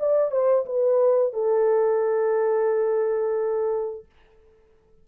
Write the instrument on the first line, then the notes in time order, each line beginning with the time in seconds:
horn
0.00 D5
0.32 C5
0.66 B4
1.34 A4